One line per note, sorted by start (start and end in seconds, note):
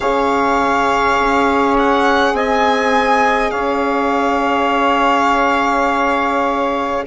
0.00 1.18 C#3
0.00 7.06 G#4
0.00 2.34 C#5
0.00 1.76 F5
1.19 2.32 C#4
1.77 2.36 F#5
2.32 3.50 C4
2.32 3.51 D#5
2.32 3.50 G#5
3.50 7.06 C#4
3.50 7.04 C#5
3.50 7.03 F5